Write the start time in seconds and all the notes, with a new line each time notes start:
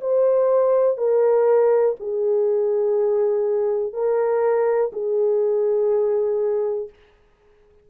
0.00 C5
0.97 A#4
1.99 G#4
3.93 A#4
4.92 G#4